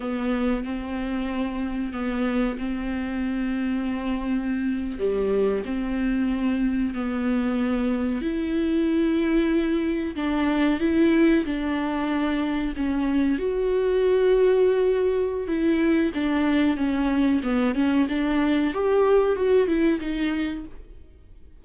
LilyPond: \new Staff \with { instrumentName = "viola" } { \time 4/4 \tempo 4 = 93 b4 c'2 b4 | c'2.~ c'8. g16~ | g8. c'2 b4~ b16~ | b8. e'2. d'16~ |
d'8. e'4 d'2 cis'16~ | cis'8. fis'2.~ fis'16 | e'4 d'4 cis'4 b8 cis'8 | d'4 g'4 fis'8 e'8 dis'4 | }